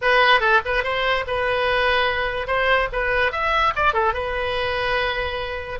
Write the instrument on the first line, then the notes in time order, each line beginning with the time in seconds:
oboe
0.01 B4
0.40 A4
0.65 B4
0.83 C5
1.27 B4
2.47 C5
2.92 B4
3.32 E5
3.75 D5
3.93 A4
4.13 B4